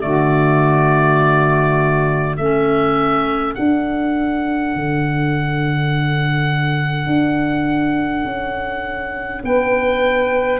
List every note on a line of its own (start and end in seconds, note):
0.00 2.37 D3
0.00 2.35 A3
0.00 2.37 F#4
0.00 2.36 D5
2.36 3.55 A3
2.36 3.55 C#4
2.36 9.43 A4
2.36 3.54 E5
3.54 10.60 D4
3.54 4.75 D4
3.54 9.42 F#5
4.75 7.06 D3
7.06 8.24 D4
8.25 9.42 C#4
9.43 10.60 B3
9.43 10.60 B4
9.43 10.60 G5